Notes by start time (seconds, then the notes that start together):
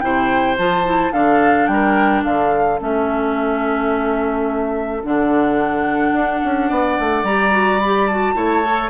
0.00 C3 E4 C5 G5
0.58 F3 F4 A5
0.85 E4
1.12 D3 D4 A4 F5
1.67 G3 G5
1.73 A#4
2.24 D3 A4 F5
2.79 A3 C#4 E5
5.03 D3 D4 F#5
6.12 D4
6.44 C#4
6.68 B3 D5
6.99 A3
7.23 G3 G4 A#5
7.51 F#4
7.80 G4 B5
8.07 F#4 A5
8.35 A3 E4 C#5
8.63 A4